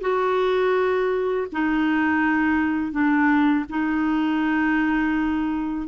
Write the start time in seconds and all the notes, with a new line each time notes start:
0.00 F#4
1.52 D#4
2.92 D4
3.69 D#4